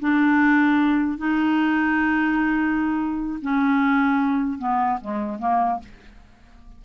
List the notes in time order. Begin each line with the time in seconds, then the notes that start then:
0.00 D4
1.18 D#4
3.42 C#4
4.59 B3
5.02 G#3
5.40 A#3